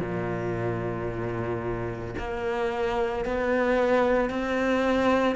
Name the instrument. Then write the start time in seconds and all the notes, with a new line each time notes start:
cello
0.00 A#2
2.18 A#3
3.25 B3
4.30 C4